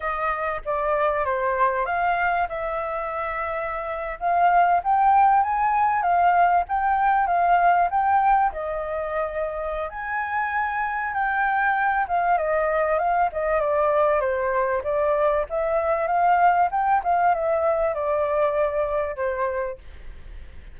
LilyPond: \new Staff \with { instrumentName = "flute" } { \time 4/4 \tempo 4 = 97 dis''4 d''4 c''4 f''4 | e''2~ e''8. f''4 g''16~ | g''8. gis''4 f''4 g''4 f''16~ | f''8. g''4 dis''2~ dis''16 |
gis''2 g''4. f''8 | dis''4 f''8 dis''8 d''4 c''4 | d''4 e''4 f''4 g''8 f''8 | e''4 d''2 c''4 | }